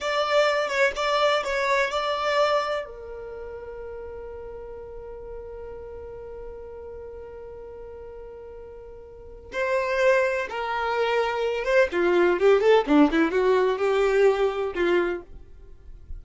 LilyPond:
\new Staff \with { instrumentName = "violin" } { \time 4/4 \tempo 4 = 126 d''4. cis''8 d''4 cis''4 | d''2 ais'2~ | ais'1~ | ais'1~ |
ais'1 | c''2 ais'2~ | ais'8 c''8 f'4 g'8 a'8 d'8 e'8 | fis'4 g'2 f'4 | }